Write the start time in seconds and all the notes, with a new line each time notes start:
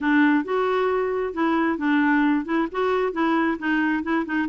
0.01 D4
0.44 F#4
1.33 E4
1.77 D4
2.45 E4
2.71 F#4
3.12 E4
3.58 D#4
4.03 E4
4.25 D#4